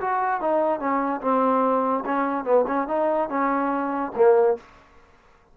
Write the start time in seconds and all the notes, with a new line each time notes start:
0.00 F#4
0.40 D#4
0.79 C#4
1.21 C4
2.05 C#4
2.44 B3
2.67 C#4
2.87 D#4
3.29 C#4
4.15 A#3